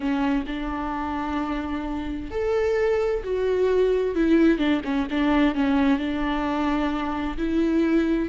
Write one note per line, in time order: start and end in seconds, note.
0.00 0.44 C#4
0.46 2.31 D4
2.31 3.23 A4
3.23 4.15 F#4
4.15 4.58 E4
4.58 4.81 D4
4.84 5.07 C#4
5.10 5.54 D4
5.54 5.99 C#4
5.99 7.37 D4
7.37 8.29 E4